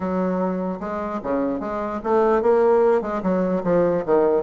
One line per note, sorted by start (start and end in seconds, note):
0.00 0.79 F#3
0.80 1.20 G#3
1.23 1.60 C#3
1.60 2.00 G#3
2.03 2.42 A3
2.42 3.01 A#3
3.01 3.21 G#3
3.22 3.62 F#3
3.63 4.03 F3
4.05 4.43 D#3